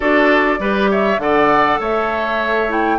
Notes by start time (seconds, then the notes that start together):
0.00 D4 F#4 A4 D5
0.59 G3 G4 B4
0.90 C#5 E5
1.18 D3 A4 D5 F#5
1.79 A3 C#5 E5
2.68 E4 G5